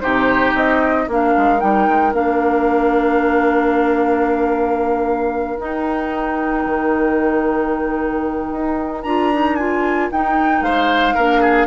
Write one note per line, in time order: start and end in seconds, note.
0.00 0.54 C3
0.00 1.07 D#4
0.00 1.08 G4
0.00 0.53 C5
0.54 1.07 C4
0.54 1.09 D#5
1.08 1.34 A#3
1.08 1.59 D4
1.08 10.63 A#4
1.08 1.60 F5
1.37 1.62 G#3
1.59 1.88 G3
1.59 2.12 D#4
1.59 2.13 G5
1.88 2.12 G#3
2.12 5.58 A#3
2.12 5.57 D4
2.12 5.59 F5
5.57 9.02 D#4
5.57 6.65 D#4
5.57 9.03 G5
6.65 8.51 D#3
8.51 9.04 D#4
9.03 10.10 D4
9.03 9.32 F4
9.03 9.55 A#5
9.32 9.59 D#4
9.55 10.12 F4
9.55 10.08 G#5
10.11 10.61 D#4
10.11 11.17 D#4
10.11 10.62 G5
10.61 11.14 G#3
10.61 11.14 C5
10.61 11.67 F5
11.14 11.67 A#3
11.14 11.67 D4
11.14 11.40 A#4
11.40 11.67 G#4